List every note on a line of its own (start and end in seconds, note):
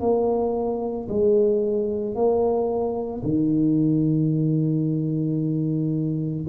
0.00 1.07 A#3
1.08 2.14 G#3
2.14 3.21 A#3
3.23 6.44 D#3